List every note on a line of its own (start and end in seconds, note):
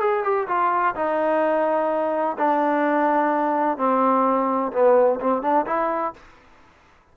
0.00 0.24 G#4
0.24 0.47 G4
0.48 0.95 F4
0.95 2.37 D#4
2.38 3.78 D4
3.78 4.72 C4
4.72 5.20 B3
5.20 5.42 C4
5.42 5.66 D4
5.66 6.14 E4